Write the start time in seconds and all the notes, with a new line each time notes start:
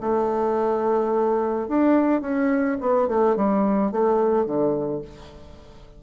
0.00 A3
1.68 D4
2.21 C#4
2.80 B3
3.08 A3
3.36 G3
3.92 A3
4.45 D3